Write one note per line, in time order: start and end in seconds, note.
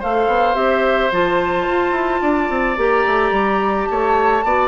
0.00 0.28 A3
0.00 0.55 A4
0.00 2.22 C5
0.00 0.55 F5
0.28 0.55 B3
0.55 1.10 C4
0.55 1.10 G4
0.55 1.11 E5
1.12 1.68 F3
1.12 2.77 F4
1.12 2.80 A5
1.68 1.92 F4
1.92 2.20 E4
2.22 2.50 D4
2.22 3.89 D5
2.50 2.78 C4
2.77 3.05 A#3
2.77 4.43 G4
2.77 3.85 A#5
3.07 3.32 A3
3.32 3.87 G3
3.85 4.68 A5
3.91 4.45 A3
3.91 4.45 C#5
4.45 4.69 B3
4.45 4.69 F#4
4.45 4.69 D5